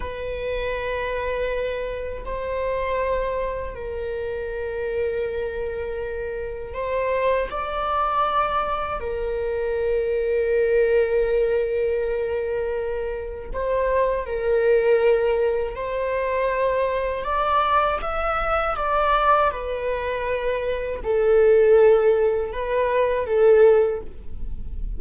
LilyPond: \new Staff \with { instrumentName = "viola" } { \time 4/4 \tempo 4 = 80 b'2. c''4~ | c''4 ais'2.~ | ais'4 c''4 d''2 | ais'1~ |
ais'2 c''4 ais'4~ | ais'4 c''2 d''4 | e''4 d''4 b'2 | a'2 b'4 a'4 | }